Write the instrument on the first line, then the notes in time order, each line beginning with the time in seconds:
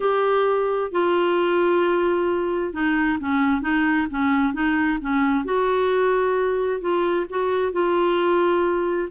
clarinet
0.00 G4
0.91 F4
2.73 D#4
3.20 C#4
3.61 D#4
4.10 C#4
4.53 D#4
5.01 C#4
5.44 F#4
6.80 F4
7.29 F#4
7.72 F4